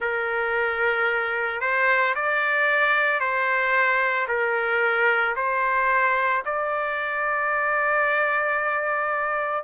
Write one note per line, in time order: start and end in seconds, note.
0.00 1.61 A#4
1.61 2.14 C5
2.15 3.19 D5
3.19 4.27 C5
4.28 5.35 A#4
5.36 6.43 C5
6.45 9.63 D5